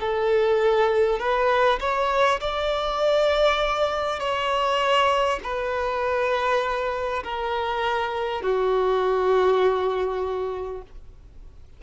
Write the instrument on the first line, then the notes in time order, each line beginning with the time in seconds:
violin
0.00 A4
1.19 B4
1.80 C#5
2.41 D5
4.20 C#5
5.43 B4
7.24 A#4
8.42 F#4